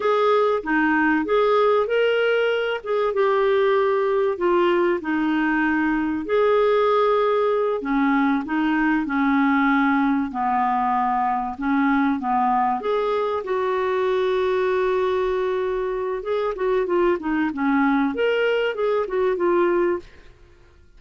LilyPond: \new Staff \with { instrumentName = "clarinet" } { \time 4/4 \tempo 4 = 96 gis'4 dis'4 gis'4 ais'4~ | ais'8 gis'8 g'2 f'4 | dis'2 gis'2~ | gis'8 cis'4 dis'4 cis'4.~ |
cis'8 b2 cis'4 b8~ | b8 gis'4 fis'2~ fis'8~ | fis'2 gis'8 fis'8 f'8 dis'8 | cis'4 ais'4 gis'8 fis'8 f'4 | }